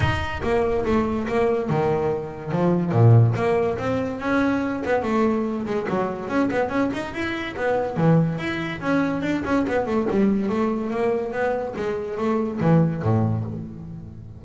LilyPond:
\new Staff \with { instrumentName = "double bass" } { \time 4/4 \tempo 4 = 143 dis'4 ais4 a4 ais4 | dis2 f4 ais,4 | ais4 c'4 cis'4. b8 | a4. gis8 fis4 cis'8 b8 |
cis'8 dis'8 e'4 b4 e4 | e'4 cis'4 d'8 cis'8 b8 a8 | g4 a4 ais4 b4 | gis4 a4 e4 a,4 | }